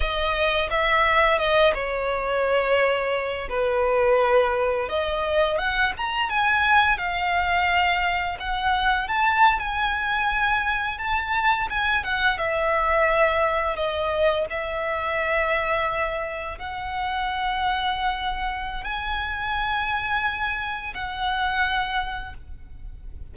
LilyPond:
\new Staff \with { instrumentName = "violin" } { \time 4/4 \tempo 4 = 86 dis''4 e''4 dis''8 cis''4.~ | cis''4 b'2 dis''4 | fis''8 ais''8 gis''4 f''2 | fis''4 a''8. gis''2 a''16~ |
a''8. gis''8 fis''8 e''2 dis''16~ | dis''8. e''2. fis''16~ | fis''2. gis''4~ | gis''2 fis''2 | }